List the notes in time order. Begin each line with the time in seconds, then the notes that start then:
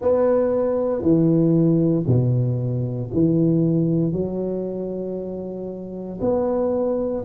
0.01 B3
1.02 E3
2.06 B2
3.13 E3
4.12 F#3
6.21 B3